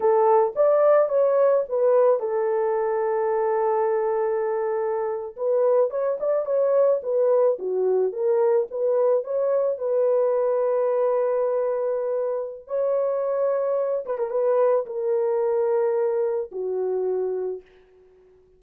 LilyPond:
\new Staff \with { instrumentName = "horn" } { \time 4/4 \tempo 4 = 109 a'4 d''4 cis''4 b'4 | a'1~ | a'4.~ a'16 b'4 cis''8 d''8 cis''16~ | cis''8. b'4 fis'4 ais'4 b'16~ |
b'8. cis''4 b'2~ b'16~ | b'2. cis''4~ | cis''4. b'16 ais'16 b'4 ais'4~ | ais'2 fis'2 | }